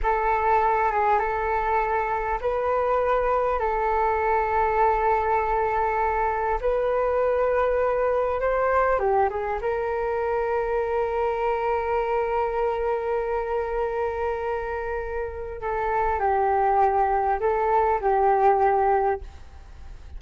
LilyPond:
\new Staff \with { instrumentName = "flute" } { \time 4/4 \tempo 4 = 100 a'4. gis'8 a'2 | b'2 a'2~ | a'2. b'4~ | b'2 c''4 g'8 gis'8 |
ais'1~ | ais'1~ | ais'2 a'4 g'4~ | g'4 a'4 g'2 | }